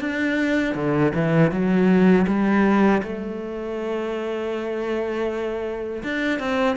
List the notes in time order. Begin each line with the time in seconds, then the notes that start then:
0.00 D4
0.74 D3
1.14 E3
1.51 F#3
2.27 G3
3.02 A3
6.03 D4
6.39 C4